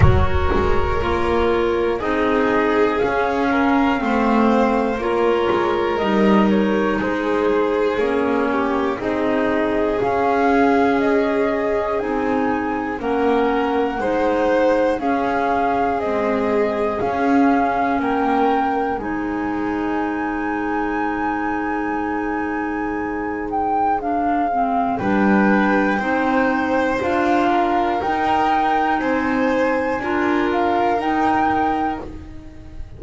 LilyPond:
<<
  \new Staff \with { instrumentName = "flute" } { \time 4/4 \tempo 4 = 60 cis''2 dis''4 f''4~ | f''4 cis''4 dis''8 cis''8 c''4 | cis''4 dis''4 f''4 dis''4 | gis''4 fis''2 f''4 |
dis''4 f''4 g''4 gis''4~ | gis''2.~ gis''8 g''8 | f''4 g''2 f''4 | g''4 gis''4. f''8 g''4 | }
  \new Staff \with { instrumentName = "violin" } { \time 4/4 ais'2 gis'4. ais'8 | c''4 ais'2 gis'4~ | gis'8 g'8 gis'2.~ | gis'4 ais'4 c''4 gis'4~ |
gis'2 ais'4 c''4~ | c''1~ | c''4 b'4 c''4. ais'8~ | ais'4 c''4 ais'2 | }
  \new Staff \with { instrumentName = "clarinet" } { \time 4/4 fis'4 f'4 dis'4 cis'4 | c'4 f'4 dis'2 | cis'4 dis'4 cis'2 | dis'4 cis'4 dis'4 cis'4 |
gis4 cis'2 dis'4~ | dis'1 | d'8 c'8 d'4 dis'4 f'4 | dis'2 f'4 dis'4 | }
  \new Staff \with { instrumentName = "double bass" } { \time 4/4 fis8 gis8 ais4 c'4 cis'4 | a4 ais8 gis8 g4 gis4 | ais4 c'4 cis'2 | c'4 ais4 gis4 cis'4 |
c'4 cis'4 ais4 gis4~ | gis1~ | gis4 g4 c'4 d'4 | dis'4 c'4 d'4 dis'4 | }
>>